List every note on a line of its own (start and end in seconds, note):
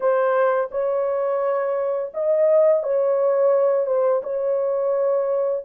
0.00 0.69 C5
0.71 2.12 C#5
2.14 2.83 D#5
2.83 3.86 C#5
3.86 4.21 C5
4.23 5.64 C#5